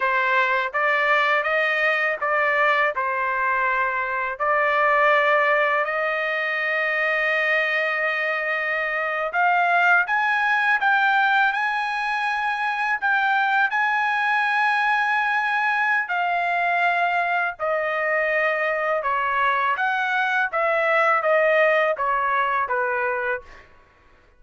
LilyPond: \new Staff \with { instrumentName = "trumpet" } { \time 4/4 \tempo 4 = 82 c''4 d''4 dis''4 d''4 | c''2 d''2 | dis''1~ | dis''8. f''4 gis''4 g''4 gis''16~ |
gis''4.~ gis''16 g''4 gis''4~ gis''16~ | gis''2 f''2 | dis''2 cis''4 fis''4 | e''4 dis''4 cis''4 b'4 | }